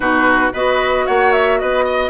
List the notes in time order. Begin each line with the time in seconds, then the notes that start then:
0.00 B2 D#4 F#4 B4
0.52 B3 F#4 B4 D#5
1.06 A#3 C#5 F#5
1.32 E5
1.59 B3 B4 D#5
1.84 D#5